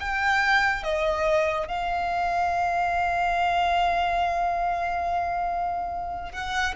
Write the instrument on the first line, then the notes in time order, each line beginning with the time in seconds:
violin
0.00 G5
0.83 D#5
1.68 F5
6.32 F#5